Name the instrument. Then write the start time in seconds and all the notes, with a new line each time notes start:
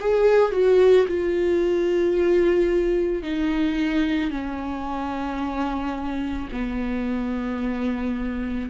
viola
0.00 G#4
0.52 F#4
1.08 F4
3.23 D#4
4.30 C#4
6.52 B3